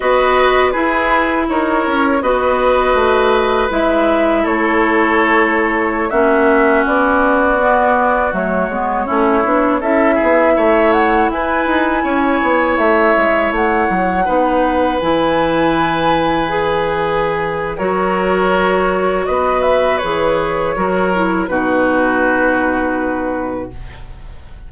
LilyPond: <<
  \new Staff \with { instrumentName = "flute" } { \time 4/4 \tempo 4 = 81 dis''4 b'4 cis''4 dis''4~ | dis''4 e''4 cis''2~ | cis''16 e''4 d''2 cis''8.~ | cis''4~ cis''16 e''4. fis''8 gis''8.~ |
gis''4~ gis''16 e''4 fis''4.~ fis''16~ | fis''16 gis''2.~ gis''8. | cis''2 dis''8 e''8 cis''4~ | cis''4 b'2. | }
  \new Staff \with { instrumentName = "oboe" } { \time 4/4 b'4 gis'4 ais'4 b'4~ | b'2 a'2~ | a'16 fis'2.~ fis'8.~ | fis'16 e'4 a'8 gis'8 cis''4 b'8.~ |
b'16 cis''2. b'8.~ | b'1 | ais'2 b'2 | ais'4 fis'2. | }
  \new Staff \with { instrumentName = "clarinet" } { \time 4/4 fis'4 e'2 fis'4~ | fis'4 e'2.~ | e'16 cis'2 b4 a8 b16~ | b16 cis'8 d'8 e'2~ e'8.~ |
e'2.~ e'16 dis'8.~ | dis'16 e'2 gis'4.~ gis'16 | fis'2. gis'4 | fis'8 e'8 dis'2. | }
  \new Staff \with { instrumentName = "bassoon" } { \time 4/4 b4 e'4 dis'8 cis'8 b4 | a4 gis4 a2~ | a16 ais4 b2 fis8 gis16~ | gis16 a8 b8 cis'8 b8 a4 e'8 dis'16~ |
dis'16 cis'8 b8 a8 gis8 a8 fis8 b8.~ | b16 e2.~ e8. | fis2 b4 e4 | fis4 b,2. | }
>>